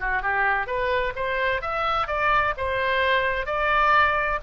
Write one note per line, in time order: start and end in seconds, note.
0.00 0.22 F#4
0.22 0.67 G4
0.67 1.13 B4
1.15 1.62 C5
1.62 2.07 E5
2.07 2.54 D5
2.57 3.46 C5
3.46 4.39 D5